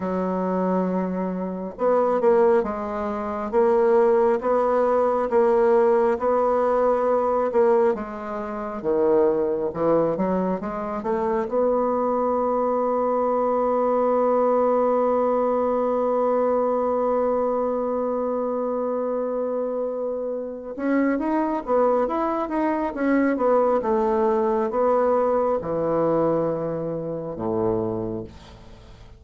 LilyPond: \new Staff \with { instrumentName = "bassoon" } { \time 4/4 \tempo 4 = 68 fis2 b8 ais8 gis4 | ais4 b4 ais4 b4~ | b8 ais8 gis4 dis4 e8 fis8 | gis8 a8 b2.~ |
b1~ | b2.~ b8 cis'8 | dis'8 b8 e'8 dis'8 cis'8 b8 a4 | b4 e2 a,4 | }